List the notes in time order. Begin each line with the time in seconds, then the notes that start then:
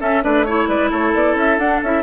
0.00 C#4 A4 E5
0.23 A3 D4 B4 D5
0.45 E4 C#5
0.68 G#3 B4 D5
0.90 A3 A4 C#5
1.14 B3 D5
1.35 C#4 E5
1.58 D4 F#5
1.83 C#4 E4 E5